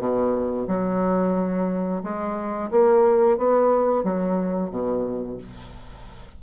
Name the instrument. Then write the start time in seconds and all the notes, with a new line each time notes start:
bassoon
0.00 B2
0.68 F#3
2.03 G#3
2.72 A#3
3.38 B3
4.04 F#3
4.71 B2